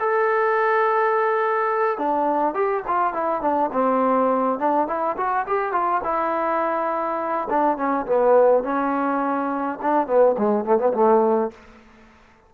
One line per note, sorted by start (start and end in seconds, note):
0.00 1.99 A4
1.99 2.55 D4
2.55 2.83 G4
2.88 3.14 F4
3.14 3.42 E4
3.42 3.71 D4
3.73 4.59 C4
4.60 4.88 D4
4.88 5.17 E4
5.17 5.46 F#4
5.48 5.73 G4
5.73 6.02 F4
6.04 7.48 E4
7.50 7.78 D4
7.78 8.06 C#4
8.07 8.64 B3
8.64 9.79 C#4
9.82 10.08 D4
10.08 10.36 B3
10.38 10.65 G#3
10.65 10.79 A3
10.79 10.93 B3
10.94 11.52 A3